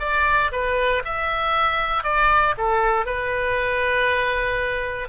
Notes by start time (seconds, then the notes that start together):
0.00 D5
0.52 B4
1.05 E5
2.04 D5
2.57 A4
3.06 B4